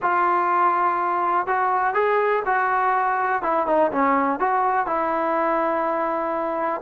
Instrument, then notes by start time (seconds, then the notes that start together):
trombone
0.02 F4
1.46 F#4
1.94 G#4
2.45 F#4
3.42 E4
3.66 D#4
3.91 C#4
4.39 F#4
4.86 E4